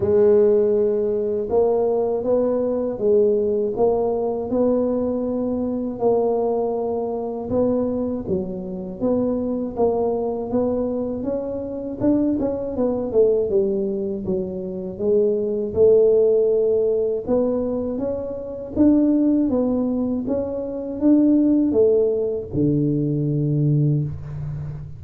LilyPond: \new Staff \with { instrumentName = "tuba" } { \time 4/4 \tempo 4 = 80 gis2 ais4 b4 | gis4 ais4 b2 | ais2 b4 fis4 | b4 ais4 b4 cis'4 |
d'8 cis'8 b8 a8 g4 fis4 | gis4 a2 b4 | cis'4 d'4 b4 cis'4 | d'4 a4 d2 | }